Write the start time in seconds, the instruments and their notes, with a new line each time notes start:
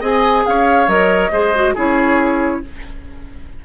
0.00 bassoon C4, clarinet G#4, oboe D#5, flute G#5
0.46 bassoon C#4, oboe C#5, flute F5
0.88 bassoon F#3, clarinet A#4, flute D#5
1.32 bassoon G#3, clarinet G#4, oboe C5
1.55 clarinet F#4
1.75 bassoon C#4, clarinet E4, oboe G#4, flute C#5